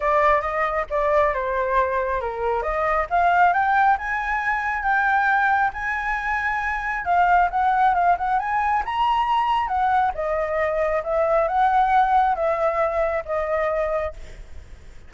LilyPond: \new Staff \with { instrumentName = "flute" } { \time 4/4 \tempo 4 = 136 d''4 dis''4 d''4 c''4~ | c''4 ais'4 dis''4 f''4 | g''4 gis''2 g''4~ | g''4 gis''2. |
f''4 fis''4 f''8 fis''8 gis''4 | ais''2 fis''4 dis''4~ | dis''4 e''4 fis''2 | e''2 dis''2 | }